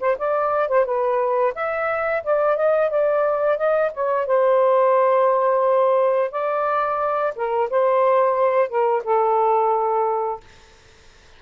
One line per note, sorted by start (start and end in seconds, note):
0.00 0.17 C5
0.18 0.68 D5
0.68 0.85 C5
0.85 1.53 B4
1.55 2.23 E5
2.23 2.56 D5
2.56 2.90 D#5
2.90 3.58 D5
3.58 3.92 D#5
3.93 4.26 C#5
4.26 6.31 C5
6.31 7.33 D5
7.35 7.70 A#4
7.70 8.69 C5
8.69 9.03 A#4
9.04 10.40 A4